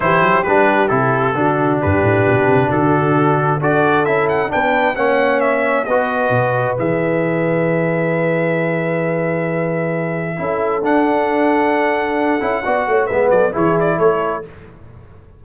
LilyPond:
<<
  \new Staff \with { instrumentName = "trumpet" } { \time 4/4 \tempo 4 = 133 c''4 b'4 a'2 | b'2 a'2 | d''4 e''8 fis''8 g''4 fis''4 | e''4 dis''2 e''4~ |
e''1~ | e''1 | fis''1~ | fis''4 e''8 d''8 cis''8 d''8 cis''4 | }
  \new Staff \with { instrumentName = "horn" } { \time 4/4 g'2. fis'4 | g'2 fis'2 | a'2 b'4 cis''4~ | cis''4 b'2.~ |
b'1~ | b'2. a'4~ | a'1 | d''8 cis''8 b'8 a'8 gis'4 a'4 | }
  \new Staff \with { instrumentName = "trombone" } { \time 4/4 e'4 d'4 e'4 d'4~ | d'1 | fis'4 e'4 d'4 cis'4~ | cis'4 fis'2 gis'4~ |
gis'1~ | gis'2. e'4 | d'2.~ d'8 e'8 | fis'4 b4 e'2 | }
  \new Staff \with { instrumentName = "tuba" } { \time 4/4 e8 fis8 g4 c4 d4 | g,8 a,8 b,8 c8 d2 | d'4 cis'4 b4 ais4~ | ais4 b4 b,4 e4~ |
e1~ | e2. cis'4 | d'2.~ d'8 cis'8 | b8 a8 gis8 fis8 e4 a4 | }
>>